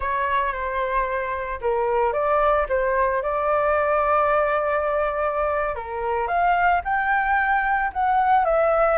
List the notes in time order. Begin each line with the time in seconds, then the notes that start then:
0.00 C#5
0.52 C5
1.61 A#4
2.13 D5
2.69 C5
3.22 D5
5.75 A#4
6.27 F5
6.84 G5
7.93 F#5
8.44 E5